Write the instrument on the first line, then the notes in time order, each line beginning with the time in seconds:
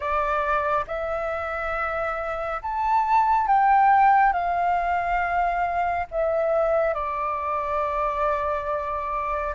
flute
0.00 D5
0.87 E5
2.62 A5
3.47 G5
4.32 F5
6.11 E5
6.94 D5